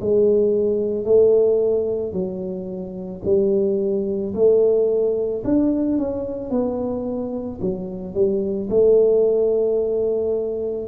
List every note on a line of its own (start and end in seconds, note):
0.00 1.04 G#3
1.04 2.12 A3
2.12 3.21 F#3
3.24 4.33 G3
4.34 5.43 A3
5.44 5.98 D4
5.98 6.50 C#4
6.50 7.59 B3
7.61 8.14 F#3
8.14 8.68 G3
8.69 10.87 A3